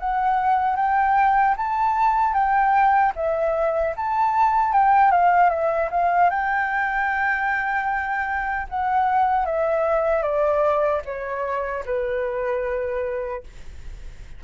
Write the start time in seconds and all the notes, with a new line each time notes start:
0.00 F#5
0.76 G5
1.57 A5
2.34 G5
3.16 E5
3.97 A5
4.73 G5
5.12 F5
5.50 E5
5.91 F5
6.31 G5
8.69 F#5
9.46 E5
10.23 D5
11.05 C#5
11.86 B4